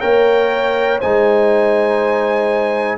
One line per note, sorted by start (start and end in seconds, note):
0.00 1.00 A#3
0.00 0.99 A#4
0.00 0.99 C#5
0.00 0.98 G5
0.99 2.98 G#3
0.99 2.98 D#4
0.99 2.96 C5
0.99 2.97 G#5